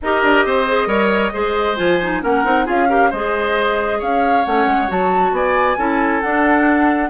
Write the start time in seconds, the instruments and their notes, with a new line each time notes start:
0.01 bassoon D#4, clarinet G4, oboe A#4, flute D#5
0.23 bassoon D4
0.45 bassoon C4, oboe C5
0.67 clarinet G#4
0.86 bassoon G3, clarinet A#4, oboe C#5
1.32 bassoon G#3, clarinet G#4, oboe C5
1.76 bassoon F3, clarinet F4, flute G#5
2.02 clarinet D#4
2.22 bassoon A#3, clarinet C#4, oboe A#4, flute F#5
2.44 bassoon C4, clarinet D#4
2.65 bassoon C#4, clarinet F4, oboe G#4, flute F5
2.89 clarinet G4, oboe A#4
3.09 bassoon G#3, clarinet G#4, oboe C5, flute D#5
3.98 bassoon C#4, oboe C#5, flute F5
4.44 bassoon A3, clarinet C#4, flute F#5
4.66 bassoon G#3
4.88 bassoon F#3, clarinet F#4, flute A5
5.31 bassoon B3, oboe D5, flute G#5
5.77 bassoon C#4, clarinet E4, oboe A4
6.21 clarinet D4, bassoon D4, flute F#5